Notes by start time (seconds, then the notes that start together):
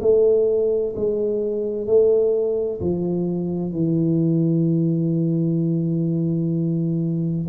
0.00 A3
0.96 G#3
1.86 A3
2.80 F3
3.72 E3